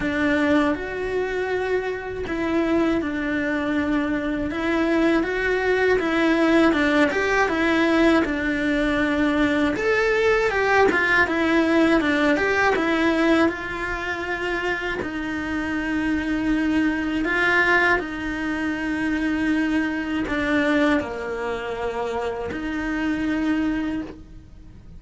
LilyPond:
\new Staff \with { instrumentName = "cello" } { \time 4/4 \tempo 4 = 80 d'4 fis'2 e'4 | d'2 e'4 fis'4 | e'4 d'8 g'8 e'4 d'4~ | d'4 a'4 g'8 f'8 e'4 |
d'8 g'8 e'4 f'2 | dis'2. f'4 | dis'2. d'4 | ais2 dis'2 | }